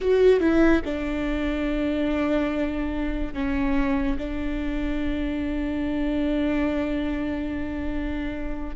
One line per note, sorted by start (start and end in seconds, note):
0.00 0.39 F#4
0.39 0.81 E4
0.84 3.33 D4
3.33 4.17 C#4
4.18 8.75 D4